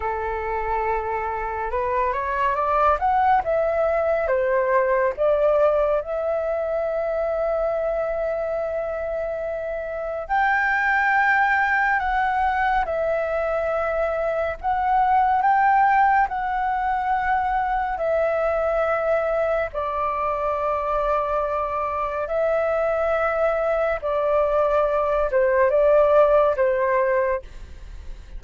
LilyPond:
\new Staff \with { instrumentName = "flute" } { \time 4/4 \tempo 4 = 70 a'2 b'8 cis''8 d''8 fis''8 | e''4 c''4 d''4 e''4~ | e''1 | g''2 fis''4 e''4~ |
e''4 fis''4 g''4 fis''4~ | fis''4 e''2 d''4~ | d''2 e''2 | d''4. c''8 d''4 c''4 | }